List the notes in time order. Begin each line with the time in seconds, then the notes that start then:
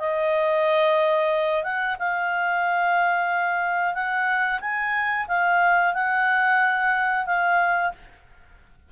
0.00 D#5
1.64 F#5
2.00 F5
3.94 F#5
4.61 G#5
5.28 F5
5.94 F#5
7.26 F5